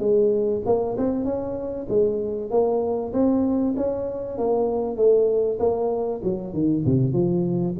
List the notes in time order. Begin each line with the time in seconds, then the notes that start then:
0.00 G#3
0.66 A#3
0.98 C4
1.25 C#4
1.89 G#3
2.51 A#3
3.13 C4
3.77 C#4
4.38 A#3
4.97 A3
5.60 A#3
6.24 F#3
6.54 D#3
6.86 C3
7.14 F3